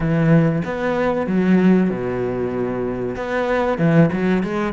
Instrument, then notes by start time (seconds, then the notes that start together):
cello
0.00 E3
0.65 B3
1.26 F#3
1.89 B2
3.16 B3
3.78 E3
4.12 F#3
4.43 G#3